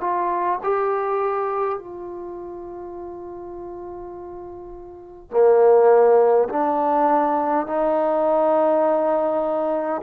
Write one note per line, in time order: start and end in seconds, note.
0.00 0.59 F4
0.63 1.78 G4
1.78 5.30 F4
5.30 6.48 A#3
6.49 7.66 D4
7.66 10.02 D#4